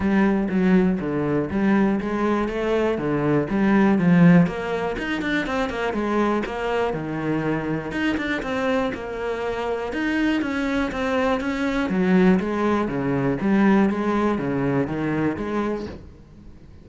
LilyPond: \new Staff \with { instrumentName = "cello" } { \time 4/4 \tempo 4 = 121 g4 fis4 d4 g4 | gis4 a4 d4 g4 | f4 ais4 dis'8 d'8 c'8 ais8 | gis4 ais4 dis2 |
dis'8 d'8 c'4 ais2 | dis'4 cis'4 c'4 cis'4 | fis4 gis4 cis4 g4 | gis4 cis4 dis4 gis4 | }